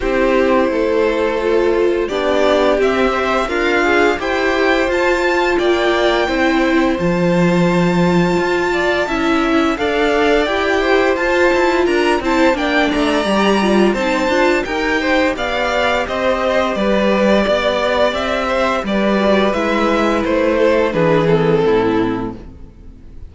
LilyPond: <<
  \new Staff \with { instrumentName = "violin" } { \time 4/4 \tempo 4 = 86 c''2. d''4 | e''4 f''4 g''4 a''4 | g''2 a''2~ | a''2 f''4 g''4 |
a''4 ais''8 a''8 g''8 ais''4. | a''4 g''4 f''4 dis''4 | d''2 e''4 d''4 | e''4 c''4 b'8 a'4. | }
  \new Staff \with { instrumentName = "violin" } { \time 4/4 g'4 a'2 g'4~ | g'4 f'4 c''2 | d''4 c''2.~ | c''8 d''8 e''4 d''4. c''8~ |
c''4 ais'8 c''8 d''2 | c''4 ais'8 c''8 d''4 c''4 | b'4 d''4. c''8 b'4~ | b'4. a'8 gis'4 e'4 | }
  \new Staff \with { instrumentName = "viola" } { \time 4/4 e'2 f'4 d'4 | c'8 c''8 ais'8 gis'8 g'4 f'4~ | f'4 e'4 f'2~ | f'4 e'4 a'4 g'4 |
f'4. e'8 d'4 g'8 f'8 | dis'8 f'8 g'2.~ | g'2.~ g'8 fis'8 | e'2 d'8 c'4. | }
  \new Staff \with { instrumentName = "cello" } { \time 4/4 c'4 a2 b4 | c'4 d'4 e'4 f'4 | ais4 c'4 f2 | f'4 cis'4 d'4 e'4 |
f'8 e'8 d'8 c'8 ais8 a8 g4 | c'8 d'8 dis'4 b4 c'4 | g4 b4 c'4 g4 | gis4 a4 e4 a,4 | }
>>